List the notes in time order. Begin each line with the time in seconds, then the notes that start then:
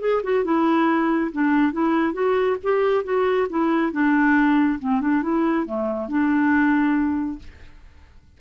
0.00 G#4
0.23 F#4
0.44 E4
1.32 D4
1.72 E4
2.13 F#4
2.63 G4
3.04 F#4
3.49 E4
3.92 D4
4.79 C4
5.00 D4
5.22 E4
5.66 A3
6.08 D4